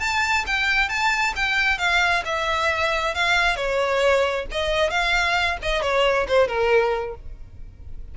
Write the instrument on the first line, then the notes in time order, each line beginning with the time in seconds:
violin
0.00 A5
0.47 G5
0.89 A5
1.36 G5
1.78 F5
2.25 E5
3.15 F5
3.56 C#5
4.52 D#5
4.91 F5
5.63 D#5
5.82 C#5
6.28 C5
6.48 A#4